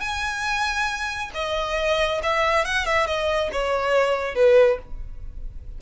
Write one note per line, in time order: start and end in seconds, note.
0.00 1.30 G#5
1.34 2.21 D#5
2.23 2.65 E5
2.65 2.85 F#5
2.85 3.06 E5
3.06 3.50 D#5
3.52 4.35 C#5
4.35 4.78 B4